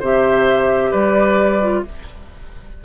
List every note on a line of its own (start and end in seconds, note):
0.00 0.93 C3
0.00 1.62 G4
0.00 0.91 C5
0.00 0.93 E5
0.91 1.84 G3
0.91 1.82 B4
0.91 1.84 D5
1.62 1.84 F4